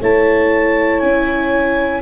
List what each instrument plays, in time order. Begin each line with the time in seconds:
0.00 tuba A3, viola E4, horn C#5, clarinet A5
0.99 tuba C#4, clarinet G#5